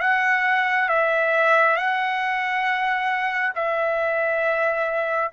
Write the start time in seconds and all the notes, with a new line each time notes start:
0.00 F#5
0.88 E5
1.76 F#5
3.55 E5